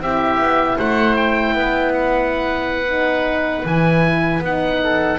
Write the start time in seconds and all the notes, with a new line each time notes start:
0.00 C4 E4 G4 E5
0.39 B3
0.77 A3 C5 F#5
1.16 G5
1.53 B3 B4
1.93 F#5
2.88 D#4
3.65 E3 E4 G#5
4.40 B3 D#4 F#5
4.83 A4